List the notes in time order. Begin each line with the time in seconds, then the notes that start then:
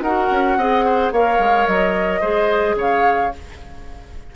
0.00 D#4 F#4 A#4 F#5
0.30 C#4
0.56 C4 G#4 D#5
0.85 C5
1.11 A#3 A#4 C#5 F5
1.38 G#3
1.66 F#3 D#5
2.20 G#3 G#4 C5
2.74 C#3 C#5 F5